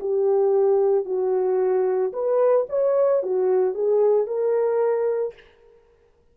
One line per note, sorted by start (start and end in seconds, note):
0.00 1.06 G4
1.06 2.13 F#4
2.13 2.67 B4
2.69 3.23 C#5
3.23 3.75 F#4
3.75 4.27 G#4
4.27 5.34 A#4